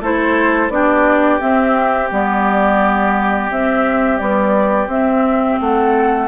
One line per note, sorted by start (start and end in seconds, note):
0.00 0.69 A3
0.00 0.71 E4
0.00 0.73 A4
0.00 0.70 C5
0.69 1.39 B3
0.69 1.40 D4
0.69 5.61 G4
0.69 1.40 D5
1.40 2.10 C4
1.40 2.11 C4
1.40 2.10 E5
2.11 3.51 G3
2.11 3.51 B3
2.11 3.51 D5
3.51 4.20 C4
3.51 4.18 C4
3.51 4.18 E5
4.18 4.87 G3
4.18 4.87 B3
4.18 4.87 D5
4.87 5.57 C4
4.87 6.28 C4
4.87 5.60 E5
5.60 6.28 A3
5.60 6.28 A4
5.60 6.28 F#5